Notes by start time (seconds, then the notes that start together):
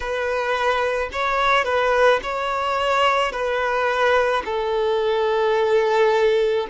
0.00 B4
1.12 C#5
1.64 B4
2.22 C#5
3.31 B4
4.44 A4